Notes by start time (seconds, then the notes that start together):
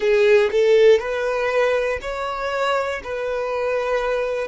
0.00 G#4
0.51 A4
0.99 B4
2.01 C#5
3.03 B4